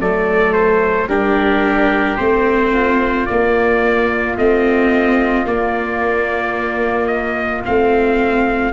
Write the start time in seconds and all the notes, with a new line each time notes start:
0.00 F#3 A3 A4 D5
0.53 C5
1.07 G3 D4 G4 A#4
2.17 A3 C4 C5
2.71 F4
3.26 A#3 D5
4.36 A3 C4 D#5
5.46 A#3 D5
7.07 D#5
7.64 A3 C4 F5